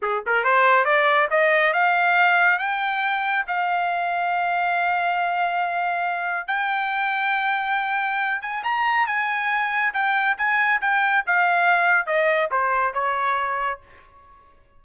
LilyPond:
\new Staff \with { instrumentName = "trumpet" } { \time 4/4 \tempo 4 = 139 gis'8 ais'8 c''4 d''4 dis''4 | f''2 g''2 | f''1~ | f''2. g''4~ |
g''2.~ g''8 gis''8 | ais''4 gis''2 g''4 | gis''4 g''4 f''2 | dis''4 c''4 cis''2 | }